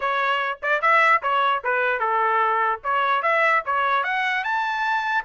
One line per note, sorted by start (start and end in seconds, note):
0.00 0.58 C#5
0.62 0.81 D5
0.81 1.21 E5
1.22 1.62 C#5
1.64 1.99 B4
1.99 2.80 A4
2.83 3.22 C#5
3.22 3.62 E5
3.65 4.03 C#5
4.03 4.44 F#5
4.44 5.24 A5